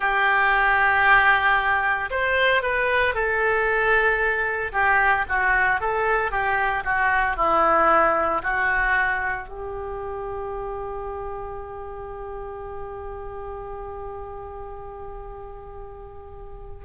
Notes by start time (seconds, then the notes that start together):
0.00 G4
2.10 C5
2.62 B4
3.14 A4
4.72 G4
5.28 F#4
5.80 A4
6.31 G4
6.84 F#4
7.36 E4
8.43 F#4
9.48 G4